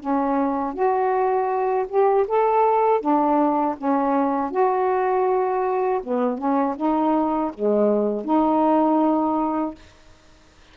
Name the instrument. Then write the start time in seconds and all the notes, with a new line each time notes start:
saxophone
0.00 C#4
0.74 F#4
1.89 G4
2.28 A4
3.01 D4
3.78 C#4
4.51 F#4
6.04 B3
6.39 C#4
6.77 D#4
7.54 G#3
8.25 D#4